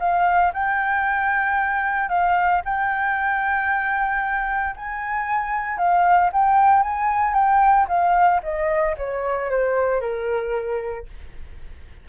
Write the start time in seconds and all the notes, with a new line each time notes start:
0.00 F5
0.54 G5
2.09 F5
2.65 G5
4.76 G#5
5.78 F5
6.33 G5
6.83 G#5
7.34 G5
7.89 F5
8.43 D#5
8.98 C#5
9.50 C5
10.01 A#4